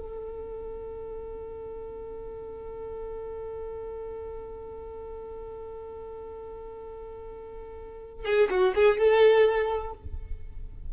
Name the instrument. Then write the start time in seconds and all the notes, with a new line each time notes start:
violin
0.00 A4
8.25 G#4
8.51 F#4
8.75 G#4
8.99 A4